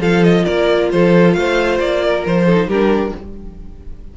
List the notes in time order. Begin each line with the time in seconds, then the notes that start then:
0.00 F3 F4 A4 F5
0.24 D#5
0.45 A#3 A#4 D5
0.91 F3 A4 C5
1.33 A3 C5 F5
1.79 A#3 D5
2.04 A#4
2.26 F3 C5
2.46 D#4 A4
2.67 G3 D4 G4 A#4